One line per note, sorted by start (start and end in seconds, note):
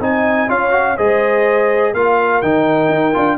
0.00 0.48 C4
0.00 0.48 D#4
0.00 0.48 D#5
0.00 0.50 G#5
0.48 0.97 C#4
0.48 0.71 F4
0.48 0.96 C#5
0.48 0.97 F5
0.71 0.95 F#4
0.96 1.93 G#3
0.96 1.95 G#4
0.96 1.93 C5
0.96 1.94 D#5
1.93 2.42 A#3
1.93 2.43 F4
1.93 3.38 A#4
1.93 2.42 F5
2.42 2.89 D#3
2.42 3.14 D#4
2.42 3.38 G5
2.89 3.13 D#4
3.14 3.38 D4
3.14 3.38 F4